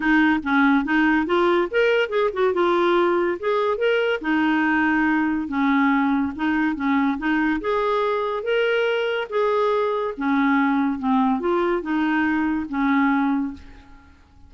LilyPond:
\new Staff \with { instrumentName = "clarinet" } { \time 4/4 \tempo 4 = 142 dis'4 cis'4 dis'4 f'4 | ais'4 gis'8 fis'8 f'2 | gis'4 ais'4 dis'2~ | dis'4 cis'2 dis'4 |
cis'4 dis'4 gis'2 | ais'2 gis'2 | cis'2 c'4 f'4 | dis'2 cis'2 | }